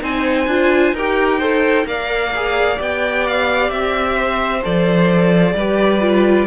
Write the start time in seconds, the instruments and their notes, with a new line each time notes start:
0.00 cello C4, viola D#4, violin C5 G#5
0.46 cello D4, viola F4
0.92 cello D#4, viola G4, violin A#4 G5
1.38 viola A4, violin C5
1.86 cello A#3, viola A#4, violin D5 F5
2.35 viola G#4
2.77 cello B3, viola G4, violin G5
3.26 violin F5
3.70 cello C4, violin E5
4.16 violin C5
4.63 cello F3, viola A4, violin D5
5.54 cello G3, viola G4, violin B4
6.00 viola F4